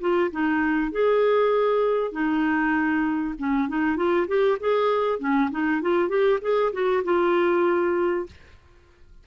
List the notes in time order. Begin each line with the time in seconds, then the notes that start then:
0.00 F4
0.31 D#4
0.91 G#4
2.12 D#4
3.38 C#4
3.68 D#4
3.96 F4
4.27 G4
4.59 G#4
5.19 C#4
5.50 D#4
5.81 F4
6.08 G4
6.41 G#4
6.72 F#4
7.04 F4